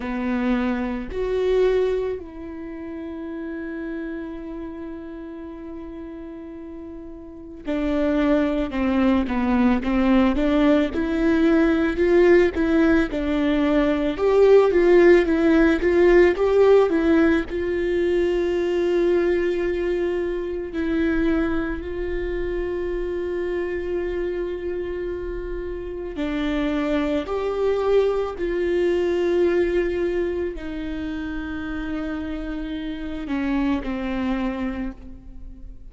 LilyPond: \new Staff \with { instrumentName = "viola" } { \time 4/4 \tempo 4 = 55 b4 fis'4 e'2~ | e'2. d'4 | c'8 b8 c'8 d'8 e'4 f'8 e'8 | d'4 g'8 f'8 e'8 f'8 g'8 e'8 |
f'2. e'4 | f'1 | d'4 g'4 f'2 | dis'2~ dis'8 cis'8 c'4 | }